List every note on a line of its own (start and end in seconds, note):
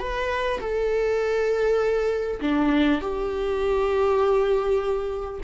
0.00 0.60 B4
0.61 2.41 A4
2.42 3.02 D4
3.02 5.42 G4